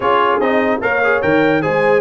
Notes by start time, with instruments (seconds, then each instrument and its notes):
0.00 tuba C#4, trombone F4, horn G#4, trumpet C#5
0.40 tuba C4, trombone D#4, trumpet D#5
0.81 tuba A#3, trombone A#4, horn C#5, trumpet F5
1.04 trombone G#4
1.22 tuba D#3, trombone A#4, trumpet G5
1.61 tuba G#3, trombone G#4, horn C5, trumpet G#5